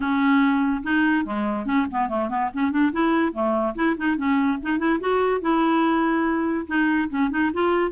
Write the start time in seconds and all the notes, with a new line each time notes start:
0.00 C#4
0.83 D#4
1.25 G#3
1.65 C#4
1.91 B3
2.09 A3
2.29 B3
2.53 C#4
2.71 D4
2.92 E4
3.33 A3
3.75 E4
3.97 D#4
4.16 C#4
4.62 D#4
4.78 E4
4.99 F#4
5.41 E4
6.67 D#4
7.09 C#4
7.30 D#4
7.53 F4